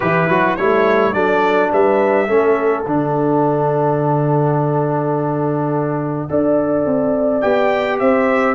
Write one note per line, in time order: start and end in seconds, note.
0.00 0.28 E3
0.00 0.59 E4
0.00 0.28 G4
0.00 0.55 B4
0.28 0.57 F#3
0.28 0.58 F#4
0.55 1.13 G3
0.55 1.14 A3
0.55 1.13 E4
0.55 1.13 C#5
1.13 1.70 F#3
1.13 2.27 D4
1.13 1.71 A4
1.13 1.70 D5
1.71 2.29 G3
1.71 2.27 B4
1.71 2.84 E5
2.27 2.86 A3
2.27 2.85 C#4
2.27 6.27 A4
2.84 6.29 D3
2.84 6.28 D4
2.84 7.41 F#5
6.28 6.85 D4
6.28 7.42 A4
6.28 8.00 D5
6.85 7.42 C4
7.41 8.00 B3
7.41 8.55 G4
7.41 7.98 G5
7.99 8.55 C4
7.99 8.55 C5
7.99 8.55 E5